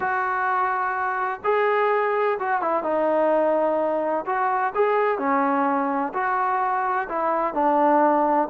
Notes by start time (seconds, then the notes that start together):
0.00 F#4
1.44 G#4
2.39 F#4
2.61 E4
2.83 D#4
4.26 F#4
4.74 G#4
5.18 C#4
6.13 F#4
7.08 E4
7.54 D4